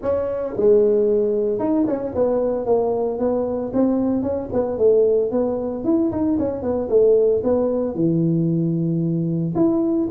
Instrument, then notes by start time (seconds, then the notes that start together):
tuba
0.02 C#4
0.56 G#3
1.59 D#4
1.87 C#4
2.15 B3
2.65 A#3
3.18 B3
3.73 C4
4.22 C#4
4.52 B3
4.78 A3
5.31 B3
5.84 E4
6.11 D#4
6.39 C#4
6.62 B3
6.89 A3
7.43 B3
7.94 E3
9.55 E4